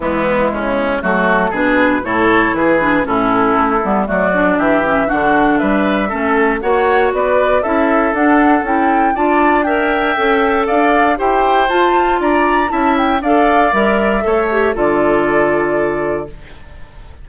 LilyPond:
<<
  \new Staff \with { instrumentName = "flute" } { \time 4/4 \tempo 4 = 118 e'2 a'4 b'4 | cis''4 b'4 a'2 | d''4 e''4 fis''4 e''4~ | e''4 fis''4 d''4 e''4 |
fis''4 g''4 a''4 g''4~ | g''4 f''4 g''4 a''4 | ais''4 a''8 g''8 f''4 e''4~ | e''4 d''2. | }
  \new Staff \with { instrumentName = "oboe" } { \time 4/4 b4 cis'4 fis'4 gis'4 | a'4 gis'4 e'2 | fis'4 g'4 fis'4 b'4 | a'4 cis''4 b'4 a'4~ |
a'2 d''4 e''4~ | e''4 d''4 c''2 | d''4 e''4 d''2 | cis''4 a'2. | }
  \new Staff \with { instrumentName = "clarinet" } { \time 4/4 gis2 a4 d'4 | e'4. d'8 cis'4. b8 | a8 d'4 cis'8 d'2 | cis'4 fis'2 e'4 |
d'4 e'4 f'4 ais'4 | a'2 g'4 f'4~ | f'4 e'4 a'4 ais'4 | a'8 g'8 f'2. | }
  \new Staff \with { instrumentName = "bassoon" } { \time 4/4 e4 cis4 fis4 b,4 | a,4 e4 a,4 a8 g8 | fis4 e4 d4 g4 | a4 ais4 b4 cis'4 |
d'4 cis'4 d'2 | cis'4 d'4 e'4 f'4 | d'4 cis'4 d'4 g4 | a4 d2. | }
>>